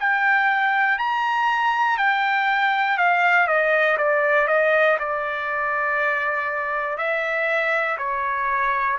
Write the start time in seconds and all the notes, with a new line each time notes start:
0.00 G5
0.99 A#5
1.98 G5
2.98 F5
3.47 D#5
3.98 D5
4.48 D#5
4.99 D5
6.98 E5
7.99 C#5